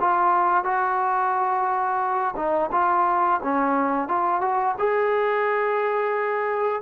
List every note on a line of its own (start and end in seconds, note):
0.00 0.64 F4
0.64 2.34 F#4
2.36 2.70 D#4
2.72 3.40 F4
3.43 4.08 C#4
4.08 4.41 F4
4.41 4.75 F#4
4.79 6.82 G#4